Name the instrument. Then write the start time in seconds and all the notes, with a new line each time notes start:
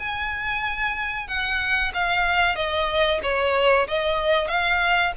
violin
0.00 G#5
1.28 F#5
1.94 F5
2.56 D#5
3.23 C#5
3.88 D#5
4.48 F5